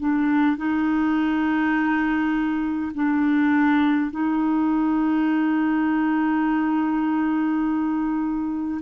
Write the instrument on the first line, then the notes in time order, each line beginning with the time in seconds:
clarinet
0.00 D4
0.57 D#4
2.95 D4
4.11 D#4